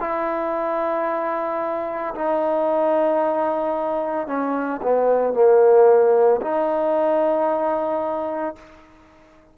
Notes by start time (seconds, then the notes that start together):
0.00 E4
2.15 D#4
4.28 C#4
4.83 B3
5.34 A#3
6.41 D#4